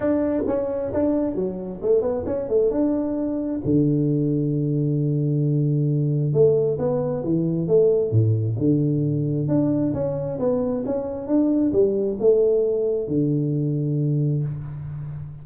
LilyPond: \new Staff \with { instrumentName = "tuba" } { \time 4/4 \tempo 4 = 133 d'4 cis'4 d'4 fis4 | a8 b8 cis'8 a8 d'2 | d1~ | d2 a4 b4 |
e4 a4 a,4 d4~ | d4 d'4 cis'4 b4 | cis'4 d'4 g4 a4~ | a4 d2. | }